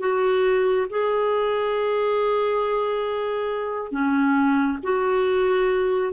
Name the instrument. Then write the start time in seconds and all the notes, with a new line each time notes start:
clarinet
0.00 F#4
0.90 G#4
3.91 C#4
4.83 F#4